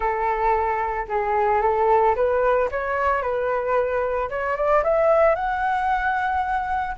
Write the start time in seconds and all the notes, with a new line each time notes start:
0.00 A4
1.08 G#4
1.61 A4
2.15 B4
2.71 C#5
3.22 B4
4.29 C#5
4.56 D5
4.83 E5
5.35 F#5